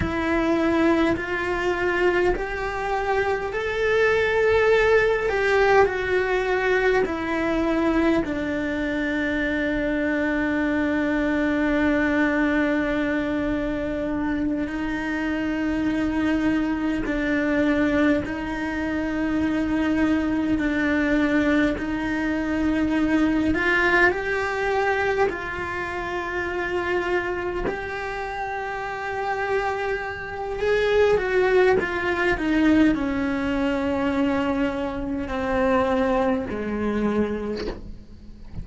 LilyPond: \new Staff \with { instrumentName = "cello" } { \time 4/4 \tempo 4 = 51 e'4 f'4 g'4 a'4~ | a'8 g'8 fis'4 e'4 d'4~ | d'1~ | d'8 dis'2 d'4 dis'8~ |
dis'4. d'4 dis'4. | f'8 g'4 f'2 g'8~ | g'2 gis'8 fis'8 f'8 dis'8 | cis'2 c'4 gis4 | }